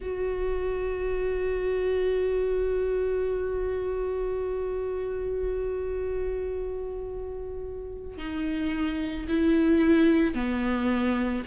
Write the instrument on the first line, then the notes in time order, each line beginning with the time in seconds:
viola
0.00 F#4
8.17 D#4
9.28 E4
10.34 B3